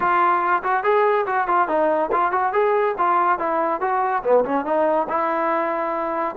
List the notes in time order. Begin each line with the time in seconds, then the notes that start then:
0.00 F4
0.63 F#4
0.83 G#4
1.26 F#4
1.47 F4
1.67 D#4
2.11 F4
2.31 F#4
2.52 G#4
2.98 F4
3.38 E4
3.80 F#4
4.23 B3
4.44 C#4
4.65 D#4
5.08 E4